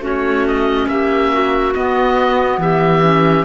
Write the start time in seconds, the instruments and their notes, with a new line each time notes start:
0.00 cello A3, clarinet C#4 F#4, oboe C#5
0.47 oboe D#5
0.88 cello A#3, clarinet G4, oboe E5
1.33 clarinet F#4
1.74 clarinet B3, cello B3, oboe D#5
2.58 cello E3, clarinet G4, oboe E5
3.02 clarinet C#4